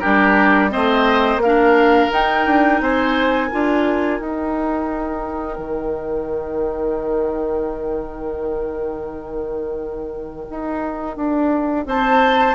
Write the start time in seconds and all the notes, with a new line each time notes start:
0.00 G3 D4 G4 A#4
0.71 A3 C4 C5 D#5
1.37 A#3 F5
1.44 D4 A#4
2.11 D#4 G5
2.47 D4
2.81 C4 C5 G#5
3.48 D4 F4 A#4
4.20 D#4 G5
5.58 D#3
10.50 D#4
11.17 D4
11.86 C4 C5 A5